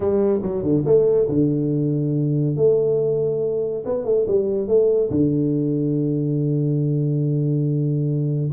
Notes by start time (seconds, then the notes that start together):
0.00 G3
0.41 F#3
0.62 D3
0.85 A3
1.28 D3
2.56 A3
3.85 B3
4.04 A3
4.27 G3
4.67 A3
5.10 D3